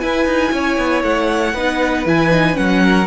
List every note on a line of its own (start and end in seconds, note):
0.00 1.54 E4
0.00 0.26 E4
0.00 0.53 B4
0.00 1.03 G#5
0.26 0.52 D#4
0.52 0.78 C#4
0.52 1.55 C#5
0.78 1.03 B3
1.03 1.54 A3
1.03 2.07 F#5
1.54 2.06 B3
1.54 2.06 D#4
1.54 2.83 B4
2.06 2.57 E3
2.06 2.31 E4
2.06 2.57 G#5
2.31 2.54 D#4
2.54 3.08 F#3
2.54 3.05 C#4
2.54 3.08 F#5
2.84 3.08 A#4